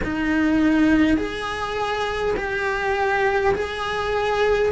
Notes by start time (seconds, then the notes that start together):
0.03 D#4
1.17 G#4
2.36 G4
3.54 G#4